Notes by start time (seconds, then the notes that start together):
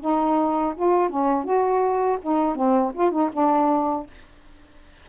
0.00 D#4
0.76 F4
1.09 C#4
1.44 F#4
2.22 D#4
2.55 C4
2.94 F4
3.11 D#4
3.32 D4